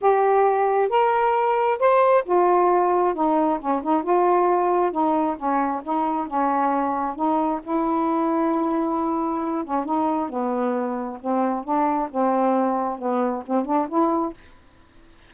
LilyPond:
\new Staff \with { instrumentName = "saxophone" } { \time 4/4 \tempo 4 = 134 g'2 ais'2 | c''4 f'2 dis'4 | cis'8 dis'8 f'2 dis'4 | cis'4 dis'4 cis'2 |
dis'4 e'2.~ | e'4. cis'8 dis'4 b4~ | b4 c'4 d'4 c'4~ | c'4 b4 c'8 d'8 e'4 | }